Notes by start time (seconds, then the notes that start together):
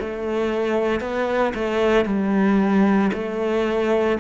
0.00 A3
1.01 B3
1.55 A3
2.06 G3
3.13 A3